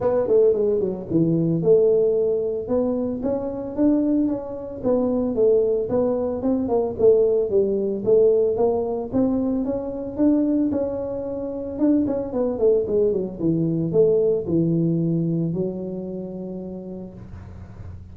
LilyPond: \new Staff \with { instrumentName = "tuba" } { \time 4/4 \tempo 4 = 112 b8 a8 gis8 fis8 e4 a4~ | a4 b4 cis'4 d'4 | cis'4 b4 a4 b4 | c'8 ais8 a4 g4 a4 |
ais4 c'4 cis'4 d'4 | cis'2 d'8 cis'8 b8 a8 | gis8 fis8 e4 a4 e4~ | e4 fis2. | }